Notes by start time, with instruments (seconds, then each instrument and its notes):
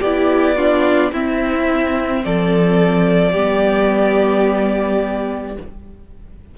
0.00 cello B3, viola E4, violin G4 D5
0.56 viola D4, violin F4
1.12 cello C4, viola C4, violin E4 E5
2.25 cello F3, violin A4 D5
3.32 cello G3, viola B3, violin G4